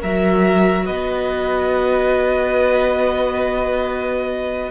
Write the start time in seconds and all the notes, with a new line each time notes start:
0.00 F#3 F#4 A#4 E5
0.85 B3 B4 D#5